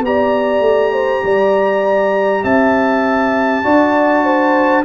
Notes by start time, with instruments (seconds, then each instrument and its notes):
0.00 tuba B3, trombone G4, trumpet A#5
0.07 horn D5
0.60 tuba A3
0.93 horn C5
1.23 tuba G3, horn D5
2.43 tuba C4, horn E5, trumpet A5
3.64 tuba D4, trombone F#4, horn D5
4.24 horn C5